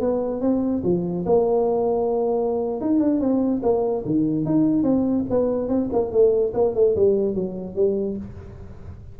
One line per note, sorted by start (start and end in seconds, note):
0.00 0.41 B3
0.41 0.82 C4
0.83 1.25 F3
1.25 2.80 A#3
2.81 3.00 D#4
3.00 3.20 D4
3.20 3.61 C4
3.62 4.04 A#3
4.05 4.45 D#3
4.45 4.83 D#4
4.83 5.24 C4
5.29 5.68 B3
5.68 5.89 C4
5.92 6.11 A#3
6.11 6.52 A3
6.54 6.74 A#3
6.74 6.95 A3
6.95 7.34 G3
7.34 7.75 F#3
7.75 8.16 G3